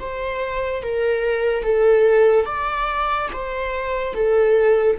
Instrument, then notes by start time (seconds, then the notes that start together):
viola
0.00 C5
0.83 A#4
1.63 A4
2.46 D5
3.33 C5
4.14 A4